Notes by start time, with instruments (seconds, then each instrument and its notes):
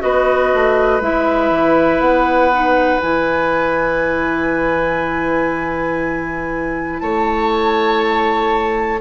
0.00 bassoon B3, clarinet F#4, oboe B4, flute D#5
0.54 bassoon A3
1.01 bassoon G#3, clarinet E4, flute E5
1.50 bassoon E3
2.00 bassoon B3, flute F#5
2.53 clarinet D#4
3.00 bassoon E3, clarinet E4, flute G#5
7.00 bassoon A3, oboe C#5, flute A5